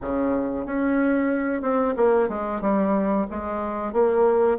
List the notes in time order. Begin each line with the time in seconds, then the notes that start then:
0.01 C#3
0.65 C#4
1.61 C4
1.96 A#3
2.28 G#3
2.61 G3
3.30 G#3
3.92 A#3